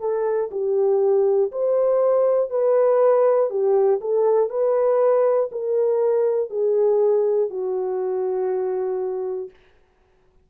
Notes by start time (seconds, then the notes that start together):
0.00 A4
0.51 G4
1.52 C5
2.50 B4
3.50 G4
4.01 A4
4.50 B4
5.52 A#4
6.50 G#4
7.50 F#4